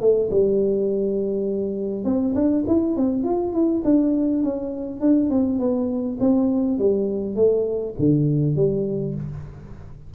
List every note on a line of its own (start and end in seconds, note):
0.00 0.29 A3
0.30 2.04 G3
2.04 2.34 C4
2.34 2.64 D4
2.67 2.96 E4
2.96 3.24 C4
3.24 3.53 F4
3.53 3.82 E4
3.84 4.43 D4
4.43 5.00 C#4
5.00 5.30 D4
5.30 5.59 C4
5.59 6.18 B3
6.20 6.78 C4
6.78 7.36 G3
7.36 7.94 A3
7.99 8.56 D3
8.56 9.14 G3